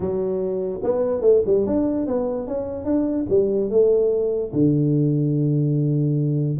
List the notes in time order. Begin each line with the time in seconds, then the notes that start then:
0.00 F#3
0.83 B3
1.21 A3
1.46 G3
1.66 D4
2.06 B3
2.47 C#4
2.84 D4
3.29 G3
3.69 A3
4.53 D3